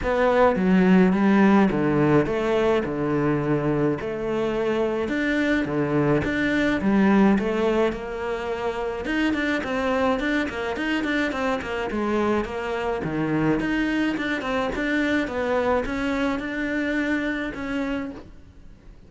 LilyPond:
\new Staff \with { instrumentName = "cello" } { \time 4/4 \tempo 4 = 106 b4 fis4 g4 d4 | a4 d2 a4~ | a4 d'4 d4 d'4 | g4 a4 ais2 |
dis'8 d'8 c'4 d'8 ais8 dis'8 d'8 | c'8 ais8 gis4 ais4 dis4 | dis'4 d'8 c'8 d'4 b4 | cis'4 d'2 cis'4 | }